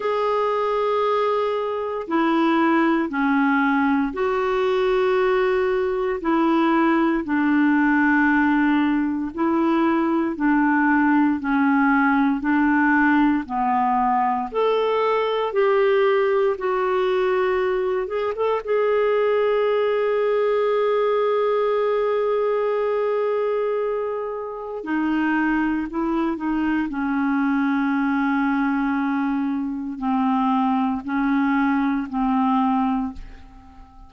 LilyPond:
\new Staff \with { instrumentName = "clarinet" } { \time 4/4 \tempo 4 = 58 gis'2 e'4 cis'4 | fis'2 e'4 d'4~ | d'4 e'4 d'4 cis'4 | d'4 b4 a'4 g'4 |
fis'4. gis'16 a'16 gis'2~ | gis'1 | dis'4 e'8 dis'8 cis'2~ | cis'4 c'4 cis'4 c'4 | }